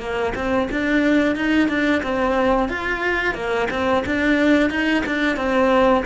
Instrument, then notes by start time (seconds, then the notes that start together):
cello
0.00 A#3
0.35 C4
0.71 D4
1.36 D#4
1.68 D4
2.03 C4
2.69 F4
3.35 A#3
3.70 C4
4.06 D4
4.70 D#4
5.06 D4
5.37 C4